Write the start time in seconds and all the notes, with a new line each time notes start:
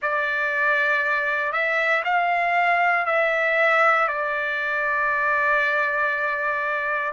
0.02 D5
1.52 E5
2.04 F5
3.06 E5
4.07 D5